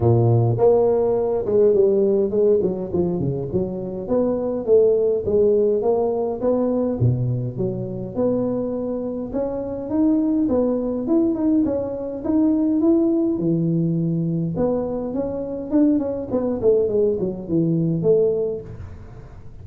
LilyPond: \new Staff \with { instrumentName = "tuba" } { \time 4/4 \tempo 4 = 103 ais,4 ais4. gis8 g4 | gis8 fis8 f8 cis8 fis4 b4 | a4 gis4 ais4 b4 | b,4 fis4 b2 |
cis'4 dis'4 b4 e'8 dis'8 | cis'4 dis'4 e'4 e4~ | e4 b4 cis'4 d'8 cis'8 | b8 a8 gis8 fis8 e4 a4 | }